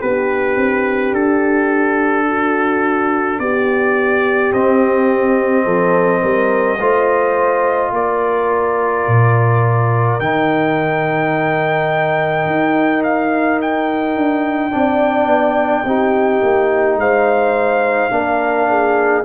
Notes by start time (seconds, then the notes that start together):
0.00 B3 D4 G4 B4
0.56 C4
1.13 D4 A4
2.28 F#4
3.39 B3 G4 D5
4.52 C4 D#5
5.65 F3 A4
6.22 G3 A#4
6.79 A3 F4 C5
7.92 A#3 A#4 D5
9.08 A#2
10.20 D#3 D#4 G5
12.46 D#4
13.04 F5
13.61 G5
14.16 D4
14.71 C4 D4 D5
15.26 B3
15.84 C4 D#4 G4
16.42 A#3
16.96 G#3 C5 F5
18.11 A#3 D4 A#4
18.69 G#4